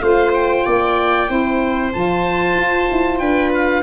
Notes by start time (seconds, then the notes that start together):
0.00 A3 F4 C5 F5
0.34 G5
0.65 A#3 D5
1.28 C4 E4 C5
1.94 F3 F4 A5
2.55 F4
2.91 E4
3.19 D4 B4 G5
3.54 F5